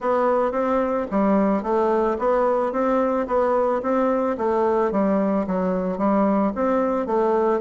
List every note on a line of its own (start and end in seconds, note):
0.00 0.51 B3
0.51 1.06 C4
1.10 1.62 G3
1.62 2.17 A3
2.18 2.72 B3
2.72 3.27 C4
3.27 3.81 B3
3.82 4.36 C4
4.37 4.91 A3
4.91 5.45 G3
5.46 5.98 F#3
5.98 6.52 G3
6.55 7.06 C4
7.06 7.60 A3